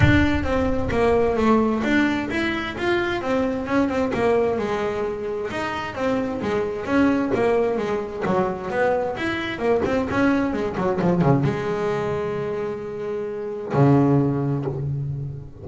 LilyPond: \new Staff \with { instrumentName = "double bass" } { \time 4/4 \tempo 4 = 131 d'4 c'4 ais4 a4 | d'4 e'4 f'4 c'4 | cis'8 c'8 ais4 gis2 | dis'4 c'4 gis4 cis'4 |
ais4 gis4 fis4 b4 | e'4 ais8 c'8 cis'4 gis8 fis8 | f8 cis8 gis2.~ | gis2 cis2 | }